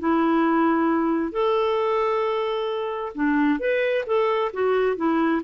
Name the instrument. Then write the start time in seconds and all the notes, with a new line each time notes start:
clarinet
0.00 E4
1.32 A4
3.15 D4
3.60 B4
4.07 A4
4.54 F#4
4.97 E4